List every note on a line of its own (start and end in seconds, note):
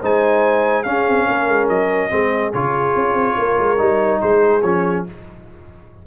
0.00 0.85 G#3
0.00 0.84 D#4
0.00 0.84 C5
0.00 0.83 G#5
0.83 2.09 C#4
0.83 1.06 C#4
0.83 1.26 G#4
0.83 1.67 F5
1.06 1.27 C4
1.26 1.48 A#3
1.26 2.10 A#4
1.48 1.68 G#3
1.68 2.10 F#3
1.68 2.52 D#5
2.09 2.53 G#3
2.09 2.51 C4
2.09 3.37 G#4
2.53 2.95 C#3
2.53 3.77 F4
2.53 4.21 C#5
2.95 3.13 C#4
3.13 3.34 C4
3.36 3.57 A#3
3.36 4.21 A#4
3.58 3.79 G#3
3.77 4.21 G3
3.77 4.61 D#4
4.21 4.62 G#3
4.21 5.05 G#4
4.21 4.61 C5
4.61 5.04 F3
4.61 5.06 C#4
4.61 5.03 C#5